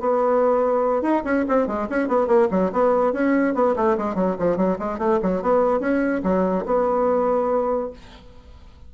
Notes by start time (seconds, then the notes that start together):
0.00 B3
1.02 D#4
1.24 C#4
1.48 C4
1.67 G#3
1.89 C#4
2.08 B3
2.27 A#3
2.51 F#3
2.72 B3
3.13 C#4
3.54 B3
3.76 A3
3.97 G#3
4.15 F#3
4.39 F3
4.57 F#3
4.79 G#3
4.98 A3
5.22 F#3
5.42 B3
5.80 C#4
6.23 F#3
6.66 B3